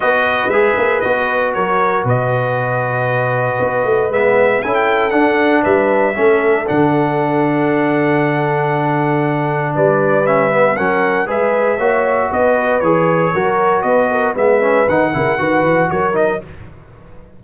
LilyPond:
<<
  \new Staff \with { instrumentName = "trumpet" } { \time 4/4 \tempo 4 = 117 dis''4 e''4 dis''4 cis''4 | dis''1 | e''4 gis''16 g''8. fis''4 e''4~ | e''4 fis''2.~ |
fis''2. d''4 | e''4 fis''4 e''2 | dis''4 cis''2 dis''4 | e''4 fis''2 cis''8 dis''8 | }
  \new Staff \with { instrumentName = "horn" } { \time 4/4 b'2. ais'4 | b'1~ | b'4 a'2 b'4 | a'1~ |
a'2. b'4~ | b'4 ais'4 b'4 cis''4 | b'2 ais'4 b'8 ais'8 | b'4. ais'8 b'4 ais'4 | }
  \new Staff \with { instrumentName = "trombone" } { \time 4/4 fis'4 gis'4 fis'2~ | fis'1 | b4 e'4 d'2 | cis'4 d'2.~ |
d'1 | cis'8 b8 cis'4 gis'4 fis'4~ | fis'4 gis'4 fis'2 | b8 cis'8 dis'8 e'8 fis'4. dis'8 | }
  \new Staff \with { instrumentName = "tuba" } { \time 4/4 b4 gis8 ais8 b4 fis4 | b,2. b8 a8 | gis4 cis'4 d'4 g4 | a4 d2.~ |
d2. g4~ | g4 fis4 gis4 ais4 | b4 e4 fis4 b4 | gis4 dis8 cis8 dis8 e8 fis4 | }
>>